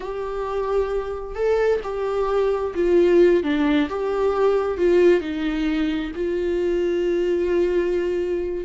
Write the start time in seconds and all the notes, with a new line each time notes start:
0.00 G4
1.35 A4
1.83 G4
2.75 F4
3.43 D4
3.89 G4
4.77 F4
5.20 D#4
6.15 F4